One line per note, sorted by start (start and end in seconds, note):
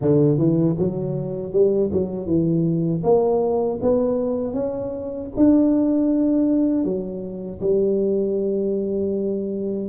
0.01 0.38 D3
0.38 0.76 E3
0.78 1.52 F#3
1.52 1.90 G3
1.92 2.26 F#3
2.26 3.02 E3
3.03 3.79 A#3
3.81 4.53 B3
4.53 5.29 C#4
5.36 6.84 D4
6.84 7.60 F#3
7.61 9.88 G3